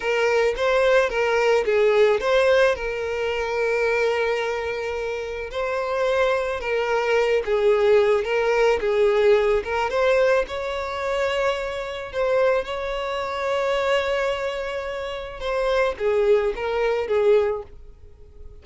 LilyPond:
\new Staff \with { instrumentName = "violin" } { \time 4/4 \tempo 4 = 109 ais'4 c''4 ais'4 gis'4 | c''4 ais'2.~ | ais'2 c''2 | ais'4. gis'4. ais'4 |
gis'4. ais'8 c''4 cis''4~ | cis''2 c''4 cis''4~ | cis''1 | c''4 gis'4 ais'4 gis'4 | }